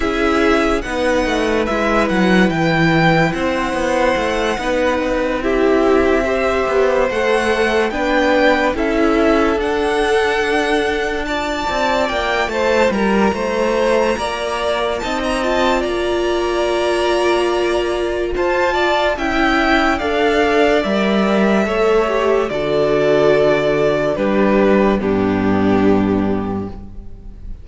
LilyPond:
<<
  \new Staff \with { instrumentName = "violin" } { \time 4/4 \tempo 4 = 72 e''4 fis''4 e''8 fis''8 g''4 | fis''2~ fis''8 e''4.~ | e''8 fis''4 g''4 e''4 fis''8~ | fis''4. a''4 g''8 a''8 ais''8~ |
ais''2 a''16 ais''16 a''8 ais''4~ | ais''2 a''4 g''4 | f''4 e''2 d''4~ | d''4 b'4 g'2 | }
  \new Staff \with { instrumentName = "violin" } { \time 4/4 gis'4 b'2. | c''4. b'4 g'4 c''8~ | c''4. b'4 a'4.~ | a'4. d''4. c''8 ais'8 |
c''4 d''4 dis''4 d''4~ | d''2 c''8 d''8 e''4 | d''2 cis''4 a'4~ | a'4 g'4 d'2 | }
  \new Staff \with { instrumentName = "viola" } { \time 4/4 e'4 dis'4 e'2~ | e'4. dis'4 e'4 g'8~ | g'8 a'4 d'4 e'4 d'8~ | d'4. f'2~ f'8~ |
f'2 dis'8 f'4.~ | f'2. e'4 | a'4 ais'4 a'8 g'8 fis'4~ | fis'4 d'4 b2 | }
  \new Staff \with { instrumentName = "cello" } { \time 4/4 cis'4 b8 a8 gis8 fis8 e4 | c'8 b8 a8 b8 c'2 | b8 a4 b4 cis'4 d'8~ | d'2 c'8 ais8 a8 g8 |
a4 ais4 c'4 ais4~ | ais2 f'4 cis'4 | d'4 g4 a4 d4~ | d4 g4 g,2 | }
>>